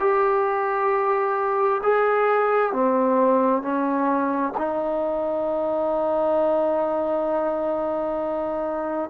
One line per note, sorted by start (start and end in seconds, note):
0.00 1.82 G4
1.83 2.73 G#4
2.73 3.63 C4
3.63 4.54 C#4
4.58 9.10 D#4